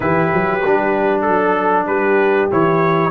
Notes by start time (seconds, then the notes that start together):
0.00 E3 E4 G4 B4
0.33 F#3
0.65 G3 D4
1.21 A4
1.27 F#3
1.86 G3 G4 B4
2.50 E3 E4 C#5